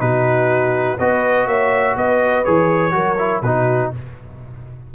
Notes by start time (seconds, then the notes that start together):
0.00 B2 D#4 F#4 B4
0.99 B3 F#4 B4 D#5
1.47 A#3 C#5 E5
1.97 B3 B4 D#5
2.45 E3 G#4 C#5
2.92 F#3 F#4 A#4
3.19 E4
3.42 B2 D#4 F#4 B4